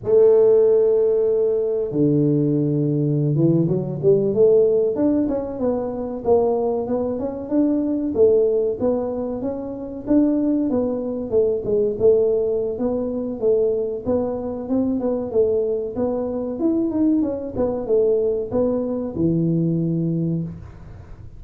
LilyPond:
\new Staff \with { instrumentName = "tuba" } { \time 4/4 \tempo 4 = 94 a2. d4~ | d4~ d16 e8 fis8 g8 a4 d'16~ | d'16 cis'8 b4 ais4 b8 cis'8 d'16~ | d'8. a4 b4 cis'4 d'16~ |
d'8. b4 a8 gis8 a4~ a16 | b4 a4 b4 c'8 b8 | a4 b4 e'8 dis'8 cis'8 b8 | a4 b4 e2 | }